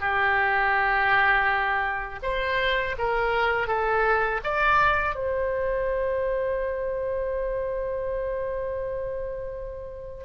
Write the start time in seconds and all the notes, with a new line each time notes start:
0.00 G4
2.23 C5
2.98 A#4
3.67 A4
4.44 D5
5.15 C5